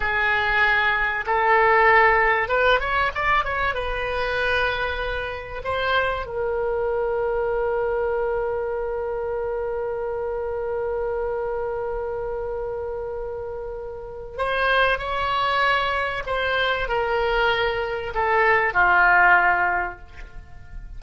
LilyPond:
\new Staff \with { instrumentName = "oboe" } { \time 4/4 \tempo 4 = 96 gis'2 a'2 | b'8 cis''8 d''8 cis''8 b'2~ | b'4 c''4 ais'2~ | ais'1~ |
ais'1~ | ais'2. c''4 | cis''2 c''4 ais'4~ | ais'4 a'4 f'2 | }